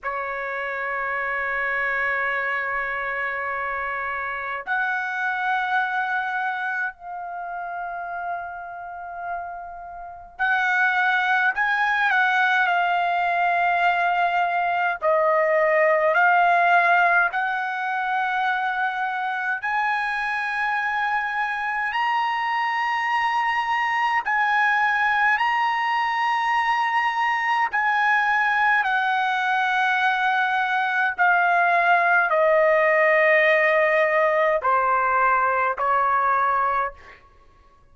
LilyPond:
\new Staff \with { instrumentName = "trumpet" } { \time 4/4 \tempo 4 = 52 cis''1 | fis''2 f''2~ | f''4 fis''4 gis''8 fis''8 f''4~ | f''4 dis''4 f''4 fis''4~ |
fis''4 gis''2 ais''4~ | ais''4 gis''4 ais''2 | gis''4 fis''2 f''4 | dis''2 c''4 cis''4 | }